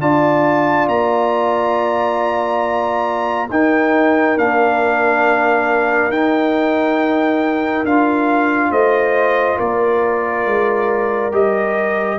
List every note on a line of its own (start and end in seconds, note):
0.00 0.87 D4
0.00 3.48 F4
0.00 3.48 D5
0.00 0.87 A5
0.88 3.49 A#3
0.88 3.49 A#5
3.50 4.37 D#4
3.50 8.70 A#4
3.50 4.37 G5
4.37 6.08 A#3
4.37 6.11 D4
4.37 6.11 F5
6.08 7.82 D#4
6.08 7.85 D#4
6.08 7.85 G5
7.84 8.70 D4
7.84 11.31 F4
7.84 8.71 F5
8.70 9.57 A3
8.70 9.57 C5
8.70 9.58 D#5
9.57 10.45 A#3
9.57 12.18 A#4
9.57 11.33 D5
10.45 11.31 G#3
11.31 12.18 G3
11.31 12.18 G4
11.31 12.18 D#5